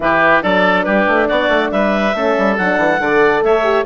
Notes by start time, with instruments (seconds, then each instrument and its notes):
0.00 bassoon E3, horn E4, oboe G4, clarinet B4
0.42 bassoon F#3, horn D4, oboe A4, clarinet D5
0.83 bassoon G3, oboe G4, clarinet B4
1.07 bassoon A3
1.27 bassoon B3, oboe F#4, clarinet D5
1.48 bassoon A3
1.71 bassoon G3, oboe B4, clarinet E5
2.14 bassoon A3, horn C#4, oboe A4
2.38 bassoon G3
2.57 bassoon F#3, horn D4, clarinet F#5
2.77 bassoon E3
2.99 bassoon D3, horn A4, oboe D5
3.42 bassoon A3, oboe C#5, clarinet E5
3.63 horn G4